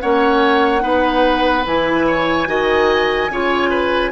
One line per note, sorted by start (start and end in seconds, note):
0.00 0.83 A#3
0.00 0.80 C#4
0.00 0.82 C#5
0.00 1.64 F#5
0.80 1.65 B3
0.80 1.62 D#4
0.80 2.05 B4
1.65 2.47 E3
1.65 2.46 E4
1.65 4.11 G#5
2.07 2.48 C#5
2.46 3.29 D#3
2.46 3.28 F#4
2.46 3.31 D#5
3.29 4.11 C#3
3.29 4.11 F4
3.29 3.70 C#5
3.70 4.11 B4